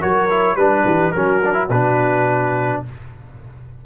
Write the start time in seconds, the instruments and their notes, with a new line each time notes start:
0.00 tuba F#3, trombone F#4, horn A#4, trumpet C#5
0.29 trombone E4
0.55 tuba G3, trombone D4, trumpet B4, horn B4
0.85 tuba E3, horn G4
1.12 tuba F#3, trombone C#4, horn F#4, trumpet A#4
1.44 trombone D4
1.53 trombone E4
1.69 tuba B2, trombone D4, trumpet B4